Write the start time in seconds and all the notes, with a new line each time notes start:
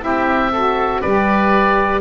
0.00 C4 E4 G4 E5
0.52 F#4 A4
1.01 G3 G4 B4 D5